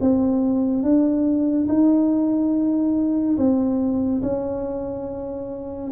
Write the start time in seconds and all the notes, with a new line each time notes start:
0.00 C4
0.83 D4
1.68 D#4
3.37 C4
4.22 C#4